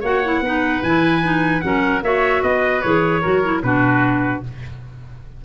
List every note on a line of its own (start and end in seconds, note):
0.00 0.41 A#3
0.00 0.24 F#4
0.00 0.40 C#5
0.00 0.83 F#5
0.24 0.44 E4
0.41 0.81 B3
0.41 0.84 D#4
0.41 1.64 B4
0.82 1.62 E3
0.82 1.22 E4
0.82 1.61 G#5
1.22 1.62 D#4
1.61 2.02 F#3
1.61 2.02 C#4
1.61 2.03 A#4
1.61 2.01 F#5
2.02 2.42 A#3
2.02 2.83 F#4
2.02 2.43 C#5
2.02 2.42 E5
2.42 2.83 B3
2.42 3.21 B4
2.42 2.81 D#5
2.81 3.24 E3
2.81 3.23 G#4
2.81 3.61 C#5
3.21 3.63 F#3
3.21 3.43 F#4
3.21 3.61 A#4
3.43 3.63 E4
3.63 4.43 B2
3.63 4.43 D4
3.63 4.44 F#4
3.63 4.43 B4